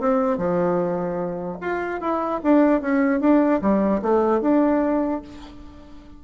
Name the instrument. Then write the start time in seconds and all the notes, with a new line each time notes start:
bassoon
0.00 C4
0.38 F3
1.61 F4
2.01 E4
2.43 D4
2.81 C#4
3.20 D4
3.61 G3
4.02 A3
4.41 D4